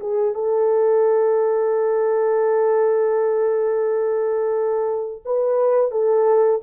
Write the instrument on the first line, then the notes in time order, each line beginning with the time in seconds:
horn
0.00 G#4
0.34 A4
5.25 B4
5.91 A4